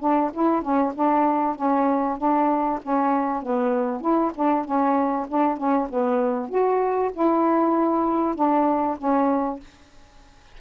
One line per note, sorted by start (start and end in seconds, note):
0.00 0.31 D4
0.33 0.62 E4
0.62 0.93 C#4
0.95 1.56 D4
1.56 2.18 C#4
2.18 2.80 D4
2.83 3.43 C#4
3.43 4.01 B3
4.01 4.32 E4
4.35 4.65 D4
4.65 5.27 C#4
5.29 5.58 D4
5.58 5.88 C#4
5.90 6.50 B3
6.50 7.12 F#4
7.14 8.36 E4
8.36 8.97 D4
8.98 9.60 C#4